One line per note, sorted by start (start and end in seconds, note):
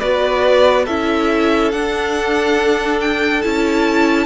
0.00 0.88 B3
0.00 0.87 F#4
0.00 0.85 B4
0.00 0.86 D5
0.85 1.74 C#4
0.85 1.74 E4
0.85 4.27 A4
0.85 1.72 E5
1.72 3.43 D4
1.72 3.45 D4
1.72 3.00 F#5
3.01 3.42 G5
3.42 4.27 C#4
3.42 4.27 E4
3.42 4.27 A5